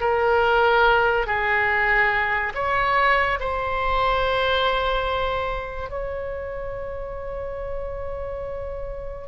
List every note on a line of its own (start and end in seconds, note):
0.00 1.26 A#4
1.26 2.53 G#4
2.54 3.38 C#5
3.40 5.90 C5
5.90 9.28 C#5